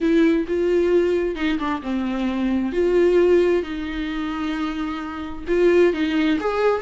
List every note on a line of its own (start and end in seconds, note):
0.00 0.46 E4
0.47 1.35 F4
1.35 1.58 D#4
1.58 1.81 D4
1.82 2.72 C4
2.72 3.63 F4
3.63 5.44 D#4
5.47 5.93 F4
5.93 6.38 D#4
6.40 6.81 G#4